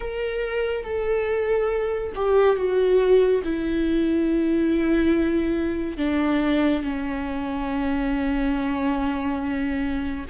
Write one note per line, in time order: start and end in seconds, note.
0.00 0.84 A#4
0.84 2.12 A4
2.15 2.56 G4
2.56 3.42 F#4
3.43 5.97 E4
5.97 6.82 D4
6.82 10.25 C#4